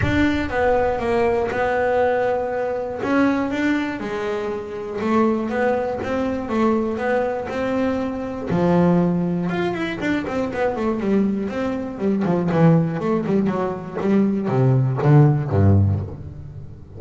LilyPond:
\new Staff \with { instrumentName = "double bass" } { \time 4/4 \tempo 4 = 120 d'4 b4 ais4 b4~ | b2 cis'4 d'4 | gis2 a4 b4 | c'4 a4 b4 c'4~ |
c'4 f2 f'8 e'8 | d'8 c'8 b8 a8 g4 c'4 | g8 f8 e4 a8 g8 fis4 | g4 c4 d4 g,4 | }